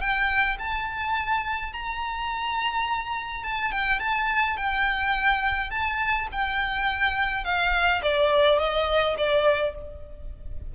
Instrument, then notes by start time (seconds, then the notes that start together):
violin
0.00 G5
0.58 A5
1.73 A#5
3.43 A5
3.71 G5
3.99 A5
4.57 G5
5.70 A5
6.32 G5
7.44 F5
8.02 D5
8.58 D#5
9.17 D5